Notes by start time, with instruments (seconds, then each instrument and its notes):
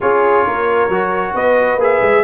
0.00 tuba C#4, trombone F4, horn G#4, trumpet C#5
0.45 tuba A#3, horn A#4
0.88 tuba F#3, trombone F#4
1.34 tuba B3, horn B4, trumpet D#5
1.76 tuba A#3, trombone G#4
1.83 trumpet E5
2.02 tuba G#3